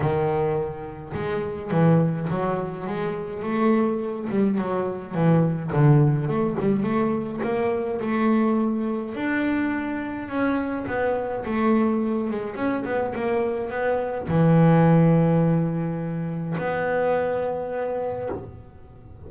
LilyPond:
\new Staff \with { instrumentName = "double bass" } { \time 4/4 \tempo 4 = 105 dis2 gis4 e4 | fis4 gis4 a4. g8 | fis4 e4 d4 a8 g8 | a4 ais4 a2 |
d'2 cis'4 b4 | a4. gis8 cis'8 b8 ais4 | b4 e2.~ | e4 b2. | }